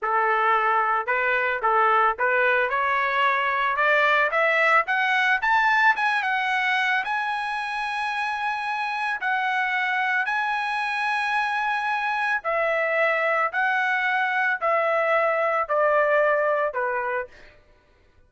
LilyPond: \new Staff \with { instrumentName = "trumpet" } { \time 4/4 \tempo 4 = 111 a'2 b'4 a'4 | b'4 cis''2 d''4 | e''4 fis''4 a''4 gis''8 fis''8~ | fis''4 gis''2.~ |
gis''4 fis''2 gis''4~ | gis''2. e''4~ | e''4 fis''2 e''4~ | e''4 d''2 b'4 | }